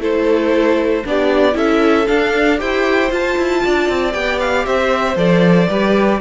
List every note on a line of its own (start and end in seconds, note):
0.00 1.03 A3
0.00 1.04 E4
0.00 1.05 A4
0.00 1.06 C5
1.04 1.55 B3
1.04 1.53 D4
1.04 1.57 G4
1.04 1.57 D5
1.53 2.07 C#4
1.53 2.04 E4
1.53 2.59 A4
1.53 2.08 E5
2.07 2.58 D4
2.07 2.61 D4
2.07 2.59 F5
2.58 3.11 E4
2.58 3.09 G4
2.58 3.63 C5
2.58 3.12 G5
3.09 4.12 F4
3.09 3.37 F4
3.09 4.13 A5
3.37 3.63 E4
3.63 3.89 D4
3.63 4.66 D5
3.89 4.14 C4
4.12 4.66 B3
4.12 5.16 G4
4.12 4.39 G5
4.40 4.66 F5
4.66 5.16 C4
4.66 5.68 C5
4.66 5.17 E5
5.16 5.68 F3
5.16 5.68 A4
5.16 6.21 D5
5.68 6.21 G3
5.68 6.21 G4
5.68 6.20 B4